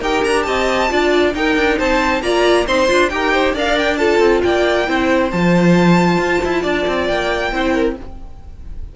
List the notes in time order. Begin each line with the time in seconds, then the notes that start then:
0.00 D#4 G4 A#4 G5
0.24 D4 A#5
0.42 C4 D#5 A5
0.89 D4 F4 D5
1.35 D#4 A#4 G5
1.56 D4
1.78 C4 C5 A5
2.22 A#3 F4 D5 A#5
2.67 C4 D#4 C5 C6
2.88 D4 F4
3.09 D#4 G4 A#4 G5
3.33 C5
3.54 D4 A#4 D5 F5
3.79 G5
3.97 F4 A4 A5
4.19 C4
4.43 A#3 D5 G5
4.86 C4 E4 C5
5.31 F3 F4 A5
6.18 F4
6.44 E4
6.62 D4 D5
6.87 C4
7.07 A#3 G5
7.52 C4 E4 C5
7.74 A#4